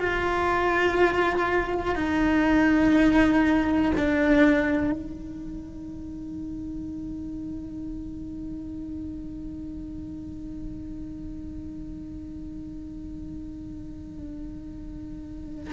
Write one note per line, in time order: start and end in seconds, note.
0.00 1.95 F4
1.95 3.92 D#4
3.97 4.92 D4
4.92 15.73 D#4